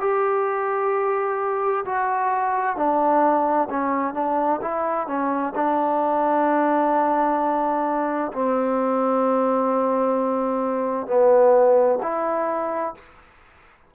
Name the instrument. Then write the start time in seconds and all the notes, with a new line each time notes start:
trombone
0.00 G4
1.85 F#4
2.77 D4
3.70 C#4
4.14 D4
4.62 E4
5.07 C#4
5.55 D4
8.33 C4
11.07 B3
12.03 E4